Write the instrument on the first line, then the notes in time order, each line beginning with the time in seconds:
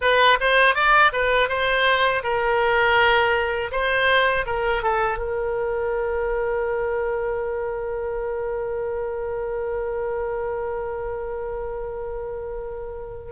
oboe
0.01 B4
0.40 C5
0.74 D5
1.12 B4
1.48 C5
2.23 A#4
3.71 C5
4.45 A#4
4.82 A4
5.18 A#4